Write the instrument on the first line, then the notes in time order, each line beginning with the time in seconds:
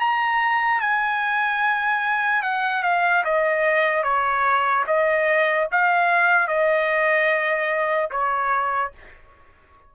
trumpet
0.00 A#5
0.81 G#5
2.43 F#5
2.83 F5
3.24 D#5
4.04 C#5
4.87 D#5
5.72 F5
6.48 D#5
8.11 C#5